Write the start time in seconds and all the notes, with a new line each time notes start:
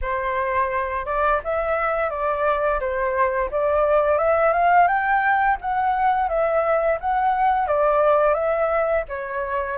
0.01 C5
1.05 D5
1.43 E5
2.10 D5
2.80 C5
3.51 D5
4.18 E5
4.53 F5
4.87 G5
5.61 F#5
6.28 E5
7.00 F#5
7.67 D5
8.34 E5
9.08 C#5